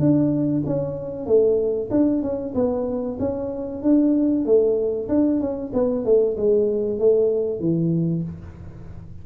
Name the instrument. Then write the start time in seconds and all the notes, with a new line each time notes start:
tuba
0.00 D4
0.66 C#4
1.26 A3
1.91 D4
2.23 C#4
2.55 B3
3.20 C#4
3.83 D4
4.46 A3
5.09 D4
5.41 C#4
5.74 B3
6.05 A3
6.37 G#3
6.99 A3
7.60 E3